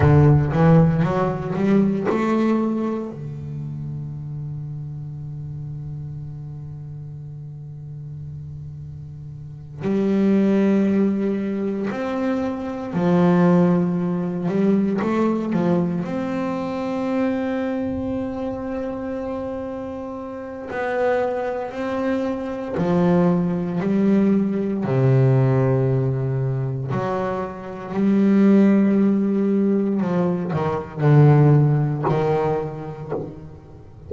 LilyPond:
\new Staff \with { instrumentName = "double bass" } { \time 4/4 \tempo 4 = 58 d8 e8 fis8 g8 a4 d4~ | d1~ | d4. g2 c'8~ | c'8 f4. g8 a8 f8 c'8~ |
c'1 | b4 c'4 f4 g4 | c2 fis4 g4~ | g4 f8 dis8 d4 dis4 | }